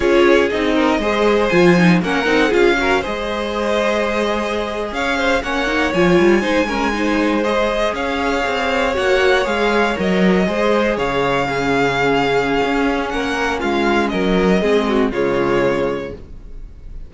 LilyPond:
<<
  \new Staff \with { instrumentName = "violin" } { \time 4/4 \tempo 4 = 119 cis''4 dis''2 gis''4 | fis''4 f''4 dis''2~ | dis''4.~ dis''16 f''4 fis''4 gis''16~ | gis''2~ gis''8. dis''4 f''16~ |
f''4.~ f''16 fis''4 f''4 dis''16~ | dis''4.~ dis''16 f''2~ f''16~ | f''2 fis''4 f''4 | dis''2 cis''2 | }
  \new Staff \with { instrumentName = "violin" } { \time 4/4 gis'4. ais'8 c''2 | ais'4 gis'8 ais'8 c''2~ | c''4.~ c''16 cis''8 c''8 cis''4~ cis''16~ | cis''8. c''8 ais'8 c''2 cis''16~ |
cis''1~ | cis''8. c''4 cis''4 gis'4~ gis'16~ | gis'2 ais'4 f'4 | ais'4 gis'8 fis'8 f'2 | }
  \new Staff \with { instrumentName = "viola" } { \time 4/4 f'4 dis'4 gis'4 f'8 dis'8 | cis'8 dis'8 f'8 fis'8 gis'2~ | gis'2~ gis'8. cis'8 dis'8 f'16~ | f'8. dis'8 cis'8 dis'4 gis'4~ gis'16~ |
gis'4.~ gis'16 fis'4 gis'4 ais'16~ | ais'8. gis'2 cis'4~ cis'16~ | cis'1~ | cis'4 c'4 gis2 | }
  \new Staff \with { instrumentName = "cello" } { \time 4/4 cis'4 c'4 gis4 f4 | ais8 c'8 cis'4 gis2~ | gis4.~ gis16 cis'4 ais4 f16~ | f16 g8 gis2. cis'16~ |
cis'8. c'4 ais4 gis4 fis16~ | fis8. gis4 cis2~ cis16~ | cis4 cis'4 ais4 gis4 | fis4 gis4 cis2 | }
>>